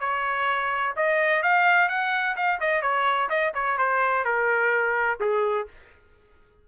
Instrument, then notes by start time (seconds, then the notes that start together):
trumpet
0.00 C#5
0.96 D#5
1.43 F5
1.89 F#5
2.37 F5
2.61 D#5
2.82 C#5
3.30 D#5
3.54 C#5
3.78 C5
4.25 A#4
5.21 G#4